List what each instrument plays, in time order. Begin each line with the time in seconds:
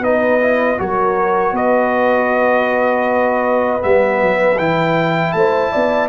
0.00 tuba B3, trombone D#4, horn B4, trumpet D#5
0.40 trombone E4
0.78 tuba F#3, trombone F#4, horn A#4, trumpet C#5
1.52 tuba B3, horn B4, trumpet D#5
3.79 tuba G3, trombone B3, trumpet E5
4.22 tuba F#3
4.58 tuba E3, trombone E4, trumpet G5
5.32 tuba A3, horn C5, trumpet A5
5.71 tuba B3, horn D5